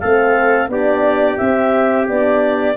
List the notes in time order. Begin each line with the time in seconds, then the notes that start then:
0.00 A3 C4 A4 F5
0.68 B3 D4 G4 D5
1.38 C4 E5
2.09 B3 D4 D5